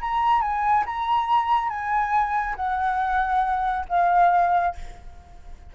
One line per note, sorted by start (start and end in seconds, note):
0.00 0.41 A#5
0.41 0.84 G#5
0.86 1.69 A#5
1.69 2.55 G#5
2.56 3.85 F#5
3.89 4.75 F5